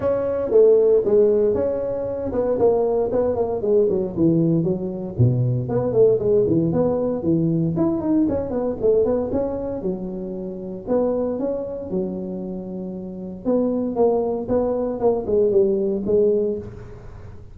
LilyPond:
\new Staff \with { instrumentName = "tuba" } { \time 4/4 \tempo 4 = 116 cis'4 a4 gis4 cis'4~ | cis'8 b8 ais4 b8 ais8 gis8 fis8 | e4 fis4 b,4 b8 a8 | gis8 e8 b4 e4 e'8 dis'8 |
cis'8 b8 a8 b8 cis'4 fis4~ | fis4 b4 cis'4 fis4~ | fis2 b4 ais4 | b4 ais8 gis8 g4 gis4 | }